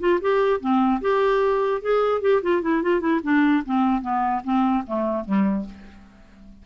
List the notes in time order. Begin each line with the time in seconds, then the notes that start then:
0.00 F4
0.22 G4
0.61 C4
1.02 G4
1.82 G#4
2.22 G4
2.43 F4
2.62 E4
2.83 F4
3.01 E4
3.24 D4
3.66 C4
4.02 B3
4.44 C4
4.87 A3
5.25 G3